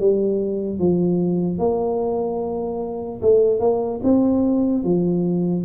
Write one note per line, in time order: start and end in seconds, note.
0.00 0.79 G3
0.79 1.59 F3
1.59 3.21 A#3
3.22 3.60 A3
3.60 4.01 A#3
4.04 4.84 C4
4.84 5.65 F3